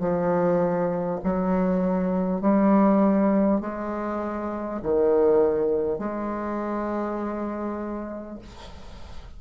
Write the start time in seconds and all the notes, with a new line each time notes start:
0.00 F3
1.24 F#3
2.42 G3
3.61 G#3
4.83 D#3
5.99 G#3